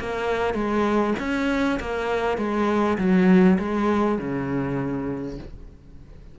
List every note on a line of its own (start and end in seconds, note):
0.00 0.54 A#3
0.54 1.14 G#3
1.19 1.79 C#4
1.80 2.38 A#3
2.38 2.98 G#3
2.98 3.58 F#3
3.59 4.19 G#3
4.19 5.39 C#3